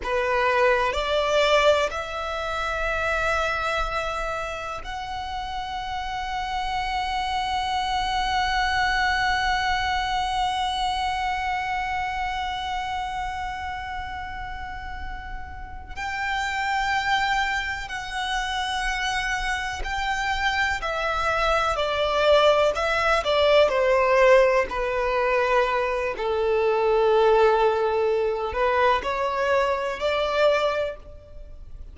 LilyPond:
\new Staff \with { instrumentName = "violin" } { \time 4/4 \tempo 4 = 62 b'4 d''4 e''2~ | e''4 fis''2.~ | fis''1~ | fis''1~ |
fis''8 g''2 fis''4.~ | fis''8 g''4 e''4 d''4 e''8 | d''8 c''4 b'4. a'4~ | a'4. b'8 cis''4 d''4 | }